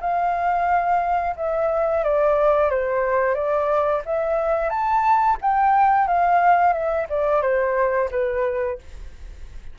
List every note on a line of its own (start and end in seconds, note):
0.00 1.35 F5
1.36 2.03 E5
2.03 2.70 D5
2.70 3.34 C5
3.34 4.02 D5
4.05 4.69 E5
4.69 5.37 A5
5.41 6.07 G5
6.07 6.73 F5
6.73 7.06 E5
7.09 7.42 D5
7.42 8.09 C5
8.11 8.78 B4